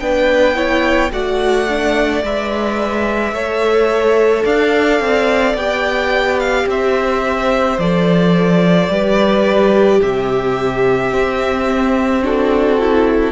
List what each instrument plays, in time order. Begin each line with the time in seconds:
0.00 cello B3, viola D4, violin B4 G5
0.55 viola E4, violin C#5
1.12 cello A3, viola F#4, violin D5 F#5
1.69 viola D4
2.23 cello G#3, viola B4, violin E5
3.33 cello A3, viola A4, violin C#5
4.45 cello D4, violin D5 F5
5.00 cello C4
5.54 cello B3, viola G4, violin G5
6.40 violin F5
6.67 cello C4, violin C5 E5
7.78 cello F3, viola A4, violin D5
8.89 cello G3, viola G4, violin B4
10.00 cello C3, violin G4 E5
11.11 viola C4, cello C4
12.22 viola D4, violin F#4 A4
12.80 viola E4